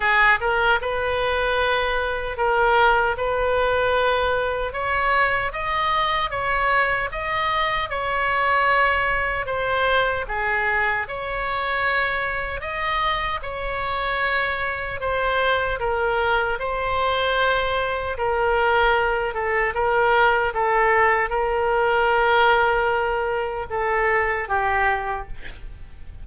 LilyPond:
\new Staff \with { instrumentName = "oboe" } { \time 4/4 \tempo 4 = 76 gis'8 ais'8 b'2 ais'4 | b'2 cis''4 dis''4 | cis''4 dis''4 cis''2 | c''4 gis'4 cis''2 |
dis''4 cis''2 c''4 | ais'4 c''2 ais'4~ | ais'8 a'8 ais'4 a'4 ais'4~ | ais'2 a'4 g'4 | }